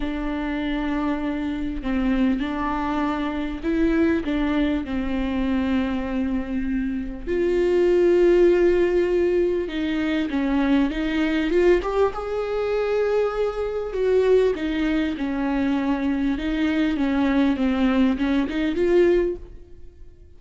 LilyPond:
\new Staff \with { instrumentName = "viola" } { \time 4/4 \tempo 4 = 99 d'2. c'4 | d'2 e'4 d'4 | c'1 | f'1 |
dis'4 cis'4 dis'4 f'8 g'8 | gis'2. fis'4 | dis'4 cis'2 dis'4 | cis'4 c'4 cis'8 dis'8 f'4 | }